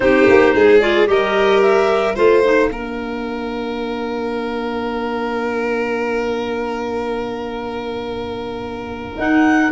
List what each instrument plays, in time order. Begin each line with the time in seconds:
0.00 tuba C4, clarinet D#4 C5, violin G4
0.28 tuba A#3
0.54 tuba G#3, violin G#4
0.81 clarinet F4 D5
1.06 tuba G3, clarinet G4 D#5, violin A#4
1.61 clarinet E5
2.15 tuba A3, clarinet F4 F5, violin C5
2.43 clarinet D#4
2.69 tuba A#3, clarinet D4, violin A#4
9.17 tuba D#4, clarinet D#4 F#5